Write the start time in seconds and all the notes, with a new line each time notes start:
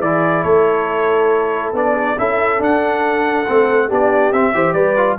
0.00 E3 E4 G#4 D5
0.43 A3 A4 C#5
1.73 B3 D4 D5
1.94 G#4
2.17 C#4 E4 A4 E5
2.59 D4 F#5
3.47 A3 C4
3.88 B3 D4 G4 D5
4.32 C4 E5
4.54 E3 G4 C5
4.73 G3 B4 D5
4.97 F4